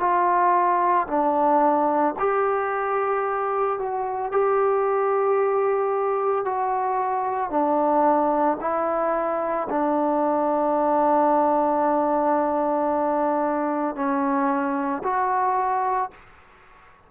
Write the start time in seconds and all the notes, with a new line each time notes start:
0.00 F4
1.08 D4
2.19 G4
3.79 F#4
4.31 G4
6.45 F#4
7.50 D4
8.61 E4
9.70 D4
13.95 C#4
15.03 F#4